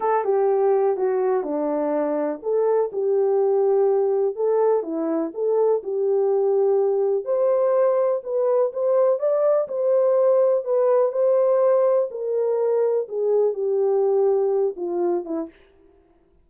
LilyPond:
\new Staff \with { instrumentName = "horn" } { \time 4/4 \tempo 4 = 124 a'8 g'4. fis'4 d'4~ | d'4 a'4 g'2~ | g'4 a'4 e'4 a'4 | g'2. c''4~ |
c''4 b'4 c''4 d''4 | c''2 b'4 c''4~ | c''4 ais'2 gis'4 | g'2~ g'8 f'4 e'8 | }